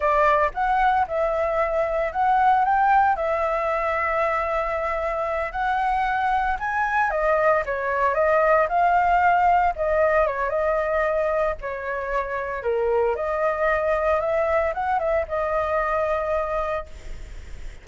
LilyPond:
\new Staff \with { instrumentName = "flute" } { \time 4/4 \tempo 4 = 114 d''4 fis''4 e''2 | fis''4 g''4 e''2~ | e''2~ e''8 fis''4.~ | fis''8 gis''4 dis''4 cis''4 dis''8~ |
dis''8 f''2 dis''4 cis''8 | dis''2 cis''2 | ais'4 dis''2 e''4 | fis''8 e''8 dis''2. | }